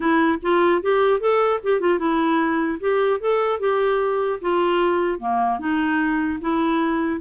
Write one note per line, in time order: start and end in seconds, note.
0.00 0.38 E4
0.42 0.81 F4
0.81 1.19 G4
1.19 1.59 A4
1.63 1.80 G4
1.80 1.98 F4
1.98 2.78 E4
2.80 3.20 G4
3.20 3.59 A4
3.59 4.39 G4
4.41 5.19 F4
5.19 5.59 A#3
5.59 6.39 D#4
6.40 7.20 E4